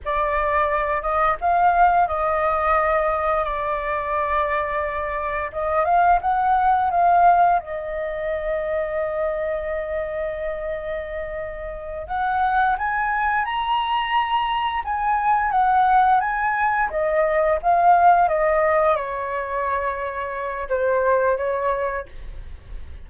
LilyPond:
\new Staff \with { instrumentName = "flute" } { \time 4/4 \tempo 4 = 87 d''4. dis''8 f''4 dis''4~ | dis''4 d''2. | dis''8 f''8 fis''4 f''4 dis''4~ | dis''1~ |
dis''4. fis''4 gis''4 ais''8~ | ais''4. gis''4 fis''4 gis''8~ | gis''8 dis''4 f''4 dis''4 cis''8~ | cis''2 c''4 cis''4 | }